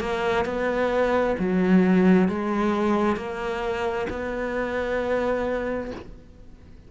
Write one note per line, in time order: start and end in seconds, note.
0.00 0.45 A#3
0.45 1.36 B3
1.39 2.29 F#3
2.29 3.17 G#3
3.17 4.07 A#3
4.10 5.92 B3